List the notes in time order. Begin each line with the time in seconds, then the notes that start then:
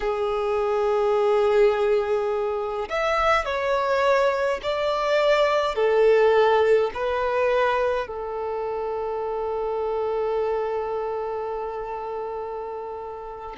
0.00 G#4
2.89 E5
3.45 C#5
4.62 D5
5.75 A4
6.94 B4
8.07 A4